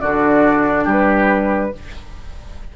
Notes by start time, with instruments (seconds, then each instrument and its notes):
0.00 bassoon D3, clarinet D4, oboe F#4, flute D5
0.84 bassoon G3, oboe G4
0.90 flute B4